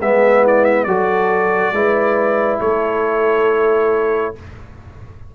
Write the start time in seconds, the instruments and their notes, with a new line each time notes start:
0.00 tuba G#3, trombone B3, horn G#4, trumpet E5
0.42 horn E4, trumpet D5
0.64 trumpet E5
0.84 tuba F#3, trombone F#4, horn A4, trumpet D5
1.72 tuba G#3, trombone E4, horn B4
2.60 tuba A3, horn A4, trumpet C#5